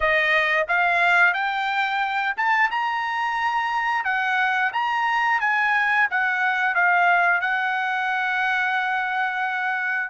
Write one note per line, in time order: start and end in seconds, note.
0.00 0.66 D#5
0.67 1.33 F5
1.33 2.34 G5
2.36 2.70 A5
2.70 4.04 A#5
4.04 4.72 F#5
4.73 5.40 A#5
5.40 6.07 G#5
6.10 6.74 F#5
6.74 7.40 F5
7.40 10.10 F#5